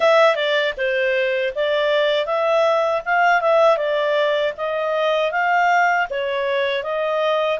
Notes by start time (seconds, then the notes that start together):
0.00 E5
0.35 D5
0.77 C5
1.55 D5
2.25 E5
3.05 F5
3.41 E5
3.77 D5
4.57 D#5
5.31 F5
6.10 C#5
6.83 D#5